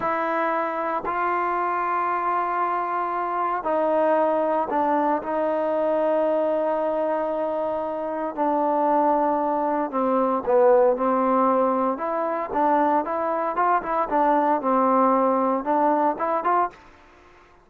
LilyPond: \new Staff \with { instrumentName = "trombone" } { \time 4/4 \tempo 4 = 115 e'2 f'2~ | f'2. dis'4~ | dis'4 d'4 dis'2~ | dis'1 |
d'2. c'4 | b4 c'2 e'4 | d'4 e'4 f'8 e'8 d'4 | c'2 d'4 e'8 f'8 | }